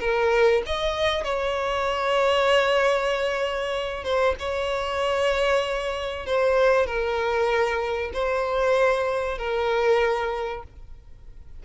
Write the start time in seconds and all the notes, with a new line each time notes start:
0.00 A#4
0.66 D#5
1.24 C#5
4.04 C5
4.39 C#5
6.26 C5
6.86 A#4
8.13 C5
9.38 A#4